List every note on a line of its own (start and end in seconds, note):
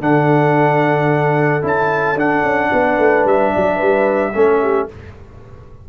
0.00 1.63 D3
0.00 1.62 D4
0.00 2.70 A4
0.00 1.64 F#5
1.62 2.16 C#4
1.62 2.16 E4
1.62 2.19 A5
2.16 2.43 D4
2.16 4.33 D4
2.16 3.27 F#5
2.43 2.70 C#4
2.72 2.98 B3
2.72 3.54 B4
2.98 3.25 A3
3.25 3.52 G3
3.25 4.89 E5
3.54 3.81 F#3
3.54 3.77 D5
3.77 4.35 G3
3.77 4.31 B4
4.34 4.89 A3
4.34 4.88 C#4
4.34 4.61 A4
4.61 4.89 G4